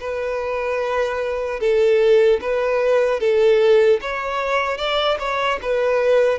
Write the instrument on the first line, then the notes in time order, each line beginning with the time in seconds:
violin
0.00 B4
1.60 A4
2.41 B4
3.20 A4
4.01 C#5
4.77 D5
5.19 C#5
5.62 B4